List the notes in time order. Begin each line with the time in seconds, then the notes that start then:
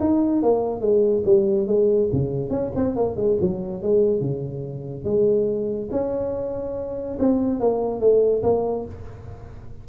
0.00 D#4
0.42 A#3
0.81 G#3
1.25 G3
1.67 G#3
2.12 C#3
2.50 C#4
2.76 C4
2.96 A#3
3.16 G#3
3.41 F#3
3.82 G#3
4.20 C#3
5.04 G#3
5.91 C#4
7.19 C4
7.60 A#3
8.00 A3
8.43 A#3